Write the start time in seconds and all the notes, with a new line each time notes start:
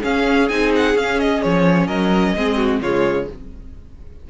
0.00 C#4 G#4 F5
0.48 C4 D#4 G#5
0.75 F#5
0.94 C#4 F5
1.19 D#5
1.42 F3 C#5
1.86 F#3 A#4 D#5
2.35 G#3 C4 G#4
2.57 F#4
2.81 C#3 G#3 F4 C#5